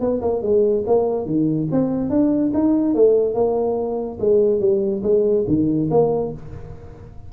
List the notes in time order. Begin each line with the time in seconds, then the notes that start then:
0.00 B3
0.21 A#3
0.42 G#3
0.87 A#3
1.25 D#3
1.71 C4
2.10 D4
2.54 D#4
2.94 A3
3.34 A#3
4.20 G#3
4.60 G3
5.03 G#3
5.47 D#3
5.90 A#3